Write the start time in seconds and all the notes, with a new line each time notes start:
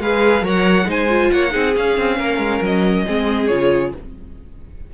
0.00 G#3 G#4 B4 F5
0.42 F#3 A#4 C#5 F#5
0.86 G#3 D#4 C5 G#5
1.09 F4
1.31 A#3 C#5 F#5
1.51 C4 D#4 G#4
1.76 C#4 F5
1.98 C4
2.18 A#3 A#4
2.38 G#3
2.61 F#3 D#5
3.07 G#3 C4 G#4
3.47 C#3 F4 C#5